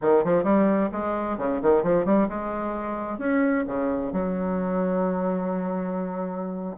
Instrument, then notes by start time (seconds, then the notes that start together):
bassoon
0.01 D#3
0.24 F3
0.43 G3
0.92 G#3
1.38 C#3
1.62 D#3
1.83 F3
2.05 G3
2.28 G#3
3.18 C#4
3.66 C#3
4.12 F#3